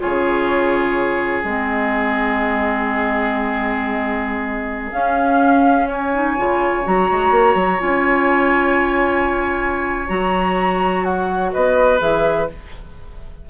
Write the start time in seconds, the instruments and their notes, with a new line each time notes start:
0.00 bassoon C#3, clarinet F4, oboe G#4, flute C#5
1.44 bassoon G#3, clarinet C4, flute D#5
4.92 clarinet C#4, bassoon C#4, flute F5
5.88 oboe C#5, flute G#5
6.13 clarinet D#4
6.37 bassoon C#3, clarinet F4
6.84 bassoon F#3, clarinet F#4, flute A#5
7.11 bassoon G#3
7.31 bassoon A#3
7.55 bassoon F#3
7.79 bassoon C#4, clarinet F4, flute G#5
10.08 bassoon F#3, clarinet F#4, flute A#5
11.04 flute F#5
11.53 bassoon B3, oboe B4, flute D#5
11.99 bassoon E3, clarinet G#4, flute E5